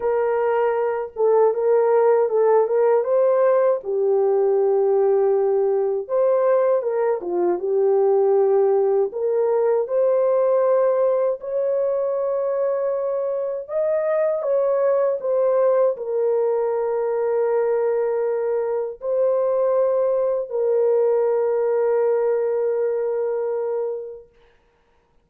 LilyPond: \new Staff \with { instrumentName = "horn" } { \time 4/4 \tempo 4 = 79 ais'4. a'8 ais'4 a'8 ais'8 | c''4 g'2. | c''4 ais'8 f'8 g'2 | ais'4 c''2 cis''4~ |
cis''2 dis''4 cis''4 | c''4 ais'2.~ | ais'4 c''2 ais'4~ | ais'1 | }